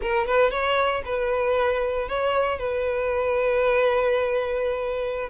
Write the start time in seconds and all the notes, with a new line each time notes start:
0.01 A#4
0.27 B4
0.50 C#5
1.05 B4
2.08 C#5
2.58 B4